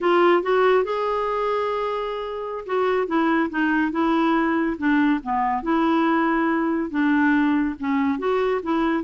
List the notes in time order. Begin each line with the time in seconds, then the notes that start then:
0.00 F4
0.43 F#4
0.84 G#4
2.66 F#4
3.07 E4
3.50 D#4
3.91 E4
4.78 D4
5.23 B3
5.62 E4
6.90 D4
7.79 C#4
8.18 F#4
8.62 E4